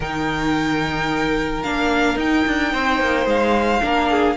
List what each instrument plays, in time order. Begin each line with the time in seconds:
0.00 cello D#3, viola D#4, violin A#4 G5
1.62 cello A#3, viola D4, violin F5
2.16 cello D#4, viola D#4, violin G5
2.47 cello D4
2.72 cello C4, violin C5
3.00 cello A#3
3.26 cello G#3, violin F5
3.81 cello A#3, viola D4, violin A#4
4.10 violin G#4